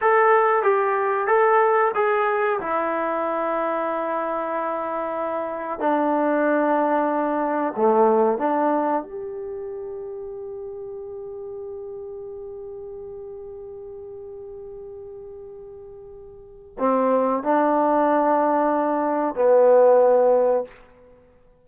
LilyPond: \new Staff \with { instrumentName = "trombone" } { \time 4/4 \tempo 4 = 93 a'4 g'4 a'4 gis'4 | e'1~ | e'4 d'2. | a4 d'4 g'2~ |
g'1~ | g'1~ | g'2 c'4 d'4~ | d'2 b2 | }